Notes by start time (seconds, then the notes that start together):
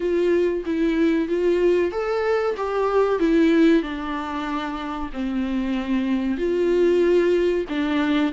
0.00 F4
0.65 E4
1.28 F4
1.91 A4
2.56 G4
3.19 E4
3.82 D4
5.12 C4
6.37 F4
7.68 D4